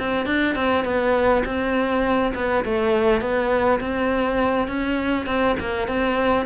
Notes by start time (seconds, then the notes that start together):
0.00 C4
0.26 D4
0.56 C4
0.85 B3
1.46 C4
2.35 B3
2.65 A3
3.21 B3
3.80 C4
4.68 C#4
5.27 C4
5.60 A#3
5.89 C4